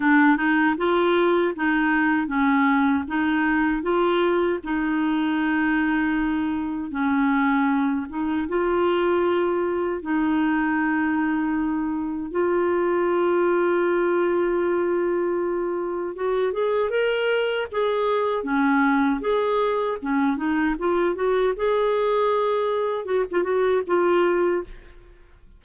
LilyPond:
\new Staff \with { instrumentName = "clarinet" } { \time 4/4 \tempo 4 = 78 d'8 dis'8 f'4 dis'4 cis'4 | dis'4 f'4 dis'2~ | dis'4 cis'4. dis'8 f'4~ | f'4 dis'2. |
f'1~ | f'4 fis'8 gis'8 ais'4 gis'4 | cis'4 gis'4 cis'8 dis'8 f'8 fis'8 | gis'2 fis'16 f'16 fis'8 f'4 | }